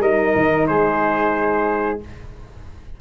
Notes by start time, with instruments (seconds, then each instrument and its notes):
0.00 tuba G3, horn D#4, flute A#4, trumpet D#5
0.36 tuba D#3
0.67 tuba G#3, flute G#4, trumpet C5